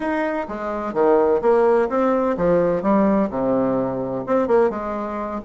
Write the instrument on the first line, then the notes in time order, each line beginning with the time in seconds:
bassoon
0.00 D#4
0.48 G#3
0.93 D#3
1.41 A#3
1.89 C4
2.37 F3
2.82 G3
3.29 C3
4.26 C4
4.47 A#3
4.69 G#3